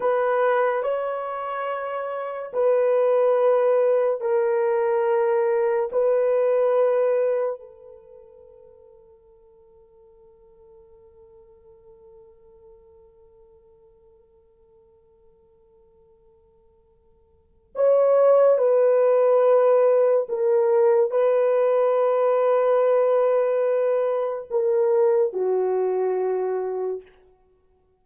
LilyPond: \new Staff \with { instrumentName = "horn" } { \time 4/4 \tempo 4 = 71 b'4 cis''2 b'4~ | b'4 ais'2 b'4~ | b'4 a'2.~ | a'1~ |
a'1~ | a'4 cis''4 b'2 | ais'4 b'2.~ | b'4 ais'4 fis'2 | }